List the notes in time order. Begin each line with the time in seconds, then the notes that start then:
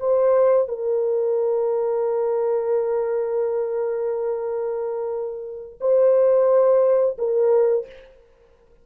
0.00 C5
0.68 A#4
5.80 C5
7.18 A#4